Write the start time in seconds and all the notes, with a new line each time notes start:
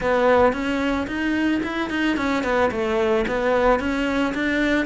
0.00 B3
0.52 C#4
1.07 D#4
1.63 E4
1.90 D#4
2.16 C#4
2.43 B3
2.71 A3
3.27 B3
3.79 C#4
4.34 D4